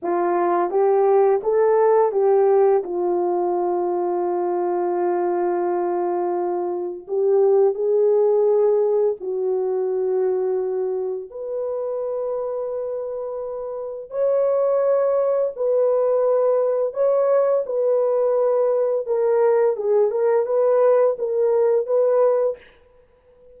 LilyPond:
\new Staff \with { instrumentName = "horn" } { \time 4/4 \tempo 4 = 85 f'4 g'4 a'4 g'4 | f'1~ | f'2 g'4 gis'4~ | gis'4 fis'2. |
b'1 | cis''2 b'2 | cis''4 b'2 ais'4 | gis'8 ais'8 b'4 ais'4 b'4 | }